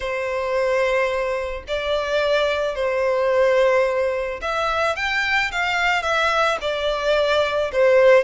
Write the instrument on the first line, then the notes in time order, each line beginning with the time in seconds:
violin
0.00 C5
1.67 D5
2.75 C5
4.41 E5
4.96 G5
5.51 F5
6.02 E5
6.61 D5
7.72 C5